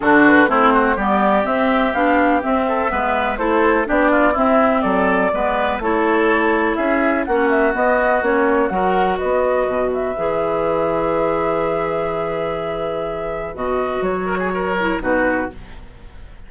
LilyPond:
<<
  \new Staff \with { instrumentName = "flute" } { \time 4/4 \tempo 4 = 124 a'8 b'8 c''4 d''4 e''4 | f''4 e''2 c''4 | d''4 e''4 d''2 | cis''2 e''4 fis''8 e''8 |
dis''4 cis''4 fis''4 dis''4~ | dis''8 e''2.~ e''8~ | e''1 | dis''4 cis''2 b'4 | }
  \new Staff \with { instrumentName = "oboe" } { \time 4/4 fis'4 e'8 fis'8 g'2~ | g'4. a'8 b'4 a'4 | g'8 f'8 e'4 a'4 b'4 | a'2 gis'4 fis'4~ |
fis'2 ais'4 b'4~ | b'1~ | b'1~ | b'4. ais'16 gis'16 ais'4 fis'4 | }
  \new Staff \with { instrumentName = "clarinet" } { \time 4/4 d'4 c'4 b4 c'4 | d'4 c'4 b4 e'4 | d'4 c'2 b4 | e'2. cis'4 |
b4 cis'4 fis'2~ | fis'4 gis'2.~ | gis'1 | fis'2~ fis'8 e'8 dis'4 | }
  \new Staff \with { instrumentName = "bassoon" } { \time 4/4 d4 a4 g4 c'4 | b4 c'4 gis4 a4 | b4 c'4 fis4 gis4 | a2 cis'4 ais4 |
b4 ais4 fis4 b4 | b,4 e2.~ | e1 | b,4 fis2 b,4 | }
>>